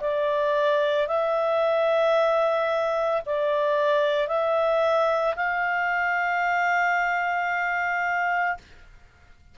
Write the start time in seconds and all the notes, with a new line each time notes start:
0.00 D5
1.07 E5
3.25 D5
4.27 E5
5.36 F5